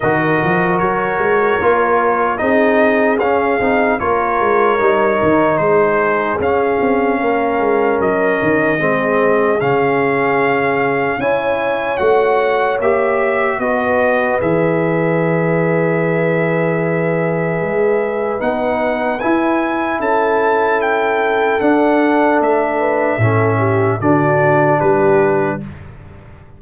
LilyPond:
<<
  \new Staff \with { instrumentName = "trumpet" } { \time 4/4 \tempo 4 = 75 dis''4 cis''2 dis''4 | f''4 cis''2 c''4 | f''2 dis''2 | f''2 gis''4 fis''4 |
e''4 dis''4 e''2~ | e''2. fis''4 | gis''4 a''4 g''4 fis''4 | e''2 d''4 b'4 | }
  \new Staff \with { instrumentName = "horn" } { \time 4/4 ais'2. gis'4~ | gis'4 ais'2 gis'4~ | gis'4 ais'2 gis'4~ | gis'2 cis''2~ |
cis''4 b'2.~ | b'1~ | b'4 a'2.~ | a'8 b'8 a'8 g'8 fis'4 g'4 | }
  \new Staff \with { instrumentName = "trombone" } { \time 4/4 fis'2 f'4 dis'4 | cis'8 dis'8 f'4 dis'2 | cis'2. c'4 | cis'2 e'4 fis'4 |
g'4 fis'4 gis'2~ | gis'2. dis'4 | e'2. d'4~ | d'4 cis'4 d'2 | }
  \new Staff \with { instrumentName = "tuba" } { \time 4/4 dis8 f8 fis8 gis8 ais4 c'4 | cis'8 c'8 ais8 gis8 g8 dis8 gis4 | cis'8 c'8 ais8 gis8 fis8 dis8 gis4 | cis2 cis'4 a4 |
ais4 b4 e2~ | e2 gis4 b4 | e'4 cis'2 d'4 | a4 a,4 d4 g4 | }
>>